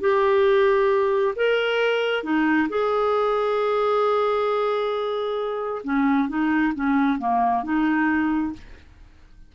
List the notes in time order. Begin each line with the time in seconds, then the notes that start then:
0.00 G4
1.36 A#4
2.23 D#4
2.69 G#4
5.84 C#4
6.28 D#4
6.74 C#4
7.18 A#3
7.63 D#4